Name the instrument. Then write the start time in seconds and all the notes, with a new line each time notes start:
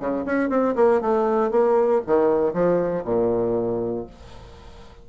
bassoon
0.00 C#3
0.26 C#4
0.50 C4
0.76 A#3
1.01 A3
1.51 A#3
2.07 D#3
2.54 F3
3.05 A#2